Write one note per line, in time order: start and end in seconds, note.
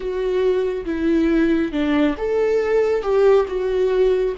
0.00 0.85 F#4
0.85 1.72 E4
1.72 2.15 D4
2.17 3.02 A4
3.02 3.45 G4
3.47 4.34 F#4